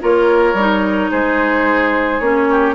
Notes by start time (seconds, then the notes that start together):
0.00 A#3 F4 A#4 C#5
0.54 G3 D#4
1.11 G#3 G#4 C5
2.20 A#3 C#4 C#5
2.51 G4